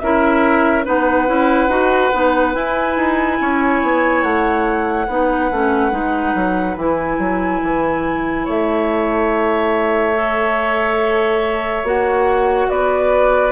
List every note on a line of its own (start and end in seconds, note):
0.00 0.87 C#4
0.00 0.85 E4
0.00 0.85 A#4
0.00 0.85 E5
0.85 1.28 B3
0.85 1.27 D#4
0.85 3.39 B4
0.85 2.55 F#5
1.27 1.68 C#4
1.27 1.70 E4
1.68 2.11 D#4
1.68 2.12 F#4
2.13 2.55 B3
2.13 2.54 D#4
2.54 5.07 E4
2.54 2.97 E4
2.54 4.23 G#5
2.97 3.39 D#4
3.41 3.83 C#4
3.41 5.07 C#5
3.83 4.23 B3
4.23 5.08 A3
4.23 6.77 F#5
5.07 5.51 B3
5.07 5.51 D#4
5.07 8.45 B4
5.51 5.92 A3
5.51 5.91 C#4
5.91 6.34 G#3
5.91 6.76 D#4
6.35 6.76 F#3
6.76 7.19 E3
6.76 10.15 E4
6.76 8.48 G#5
7.19 7.61 F#3
7.63 8.47 E3
8.45 11.84 A3
8.45 12.68 C#5
8.45 11.87 E5
10.15 11.84 A4
11.84 12.68 A#3
11.84 13.52 F#4
11.84 12.70 F#5
12.70 13.52 B3
12.70 13.52 B4
12.70 13.52 D5